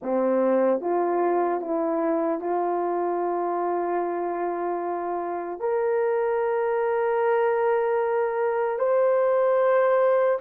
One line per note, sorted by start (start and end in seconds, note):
0.02 0.80 C4
0.80 1.60 F4
1.60 2.40 E4
2.40 5.59 F4
5.59 8.78 A#4
8.78 10.38 C5